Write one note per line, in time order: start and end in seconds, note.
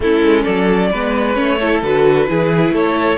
0.00 0.21 A3
0.00 0.94 C#4
0.00 0.43 E4
0.00 0.43 A4
0.22 0.44 G#3
0.43 0.93 F#3
0.43 0.89 A4
0.43 1.34 D5
0.91 1.37 G#3
0.91 1.34 B3
0.91 1.57 B4
1.34 1.82 A3
1.34 1.57 C#4
1.34 1.80 C#5
1.57 1.83 E4
1.57 2.26 A4
1.82 2.28 D3
1.82 2.27 F#4
1.82 2.74 B4
2.27 2.71 E3
2.27 3.18 E4
2.27 2.74 G#4
2.71 3.17 A3
2.71 3.18 A4
2.71 3.18 C#5